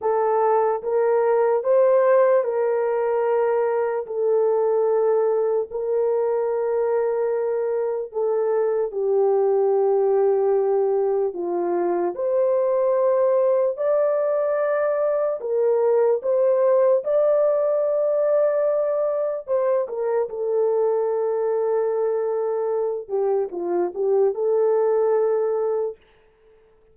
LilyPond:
\new Staff \with { instrumentName = "horn" } { \time 4/4 \tempo 4 = 74 a'4 ais'4 c''4 ais'4~ | ais'4 a'2 ais'4~ | ais'2 a'4 g'4~ | g'2 f'4 c''4~ |
c''4 d''2 ais'4 | c''4 d''2. | c''8 ais'8 a'2.~ | a'8 g'8 f'8 g'8 a'2 | }